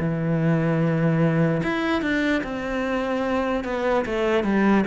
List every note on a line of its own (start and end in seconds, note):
0.00 1.62 E3
1.63 2.02 E4
2.02 2.43 D4
2.44 3.65 C4
3.65 4.05 B3
4.06 4.44 A3
4.44 4.85 G3